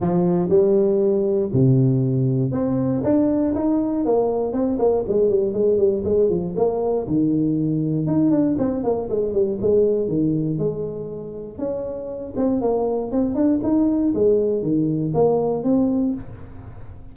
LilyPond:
\new Staff \with { instrumentName = "tuba" } { \time 4/4 \tempo 4 = 119 f4 g2 c4~ | c4 c'4 d'4 dis'4 | ais4 c'8 ais8 gis8 g8 gis8 g8 | gis8 f8 ais4 dis2 |
dis'8 d'8 c'8 ais8 gis8 g8 gis4 | dis4 gis2 cis'4~ | cis'8 c'8 ais4 c'8 d'8 dis'4 | gis4 dis4 ais4 c'4 | }